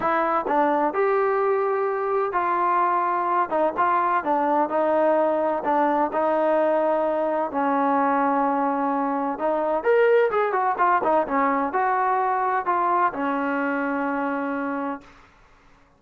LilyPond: \new Staff \with { instrumentName = "trombone" } { \time 4/4 \tempo 4 = 128 e'4 d'4 g'2~ | g'4 f'2~ f'8 dis'8 | f'4 d'4 dis'2 | d'4 dis'2. |
cis'1 | dis'4 ais'4 gis'8 fis'8 f'8 dis'8 | cis'4 fis'2 f'4 | cis'1 | }